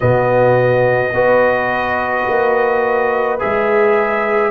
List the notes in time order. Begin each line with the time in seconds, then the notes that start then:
0.00 B2 B3 F#4 D#5
1.12 B3 F#4 B4
2.28 A#3
3.39 G#3 G#4 E5